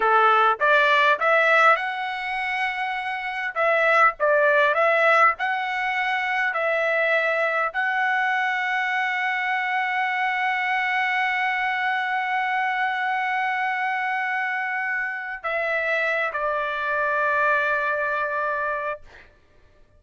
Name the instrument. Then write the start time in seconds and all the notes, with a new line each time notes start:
trumpet
0.00 A4
0.59 D5
1.19 E5
1.76 F#5
3.54 E5
4.19 D5
4.74 E5
5.38 F#5
6.53 E5
7.73 F#5
15.43 E5
16.33 D5